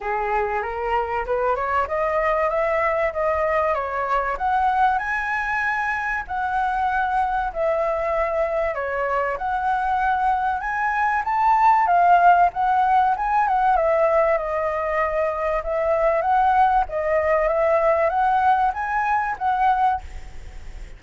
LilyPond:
\new Staff \with { instrumentName = "flute" } { \time 4/4 \tempo 4 = 96 gis'4 ais'4 b'8 cis''8 dis''4 | e''4 dis''4 cis''4 fis''4 | gis''2 fis''2 | e''2 cis''4 fis''4~ |
fis''4 gis''4 a''4 f''4 | fis''4 gis''8 fis''8 e''4 dis''4~ | dis''4 e''4 fis''4 dis''4 | e''4 fis''4 gis''4 fis''4 | }